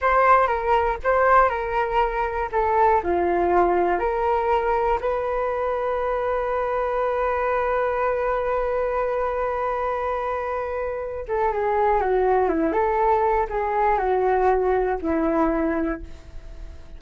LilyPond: \new Staff \with { instrumentName = "flute" } { \time 4/4 \tempo 4 = 120 c''4 ais'4 c''4 ais'4~ | ais'4 a'4 f'2 | ais'2 b'2~ | b'1~ |
b'1~ | b'2~ b'8 a'8 gis'4 | fis'4 e'8 a'4. gis'4 | fis'2 e'2 | }